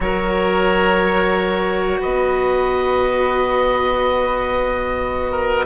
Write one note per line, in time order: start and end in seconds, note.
0.00 1.99 F#3
0.00 5.65 F#4
0.00 1.99 A#4
0.00 2.00 C#5
1.99 5.65 B3
1.99 5.31 B4
1.99 5.65 D#5
5.31 5.64 A#4